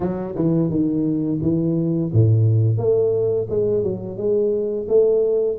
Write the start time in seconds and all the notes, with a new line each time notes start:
0.00 F#3
0.35 E3
0.69 D#3
1.41 E3
2.12 A2
2.77 A3
3.49 G#3
3.83 F#3
4.17 G#3
4.88 A3